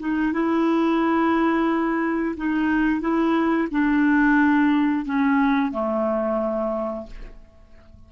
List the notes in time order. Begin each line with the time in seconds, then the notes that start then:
0.00 D#4
0.33 E4
2.37 D#4
3.01 E4
3.71 D4
5.05 C#4
5.72 A3